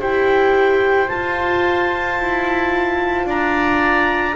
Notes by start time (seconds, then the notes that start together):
0.00 E4 G4 C5 G5
1.08 F4 A5
2.19 E4
3.25 D4 D5 A#5